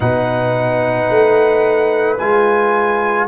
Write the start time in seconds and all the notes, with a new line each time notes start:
0.00 B2 D#4 B4 F#5
1.09 A3
2.17 G#3 F4 G#5